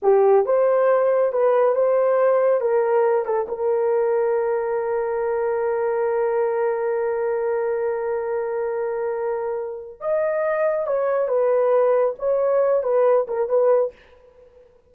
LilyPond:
\new Staff \with { instrumentName = "horn" } { \time 4/4 \tempo 4 = 138 g'4 c''2 b'4 | c''2 ais'4. a'8 | ais'1~ | ais'1~ |
ais'1~ | ais'2. dis''4~ | dis''4 cis''4 b'2 | cis''4. b'4 ais'8 b'4 | }